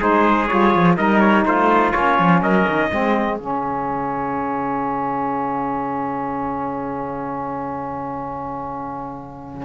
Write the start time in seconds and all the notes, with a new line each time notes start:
0.00 G#3 D#4 G#4 C5
0.48 G3 F4 C#5
0.75 F3
0.97 G3 D#4 A#4 D#5
1.21 C#5
1.46 A3 F4 C5
1.92 A#3 C#4 C#5
2.19 F3
2.42 F#3 A#4 D#5
2.68 D#3
2.91 G#3 C4 G#4
3.39 C#3 C#4 F5